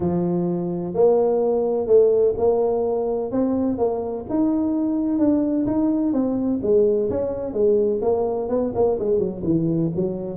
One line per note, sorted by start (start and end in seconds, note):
0.00 0.93 F3
0.93 1.87 A#3
1.87 2.34 A3
2.37 3.31 A#3
3.31 3.78 C4
3.78 4.25 A#3
4.29 5.18 D#4
5.18 5.65 D4
5.66 6.12 D#4
6.12 6.59 C4
6.62 7.09 G#3
7.10 7.53 C#4
7.53 8.00 G#3
8.01 8.48 A#3
8.48 8.72 B3
8.74 8.98 A#3
8.99 9.18 G#3
9.18 9.42 F#3
9.43 9.91 E3
9.95 10.36 F#3